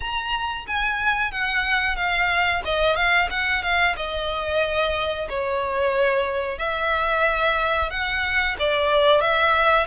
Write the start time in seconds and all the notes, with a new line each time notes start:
0.00 A#5
0.67 G#5
1.31 F#5
1.95 F5
2.64 D#5
2.96 F5
3.30 F#5
3.62 F5
3.96 D#5
5.29 C#5
6.58 E5
7.90 F#5
8.59 D5
9.20 E5